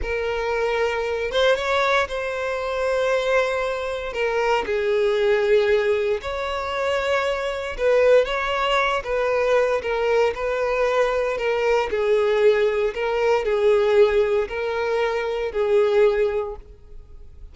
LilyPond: \new Staff \with { instrumentName = "violin" } { \time 4/4 \tempo 4 = 116 ais'2~ ais'8 c''8 cis''4 | c''1 | ais'4 gis'2. | cis''2. b'4 |
cis''4. b'4. ais'4 | b'2 ais'4 gis'4~ | gis'4 ais'4 gis'2 | ais'2 gis'2 | }